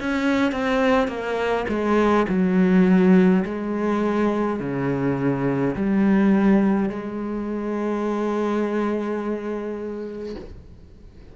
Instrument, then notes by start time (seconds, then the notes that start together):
cello
0.00 C#4
0.52 C4
1.08 A#3
1.69 G#3
2.29 F#3
3.45 G#3
4.60 C#3
5.75 G3
6.90 G#3